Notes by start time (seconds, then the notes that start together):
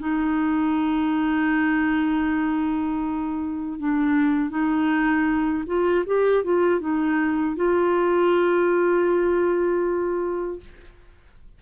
0.00 D#4
3.80 D4
4.51 D#4
5.67 F4
6.06 G4
6.45 F4
6.80 D#4
7.57 F4